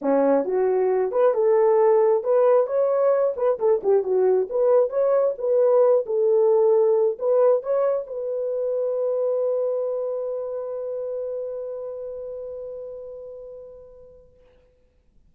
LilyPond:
\new Staff \with { instrumentName = "horn" } { \time 4/4 \tempo 4 = 134 cis'4 fis'4. b'8 a'4~ | a'4 b'4 cis''4. b'8 | a'8 g'8 fis'4 b'4 cis''4 | b'4. a'2~ a'8 |
b'4 cis''4 b'2~ | b'1~ | b'1~ | b'1 | }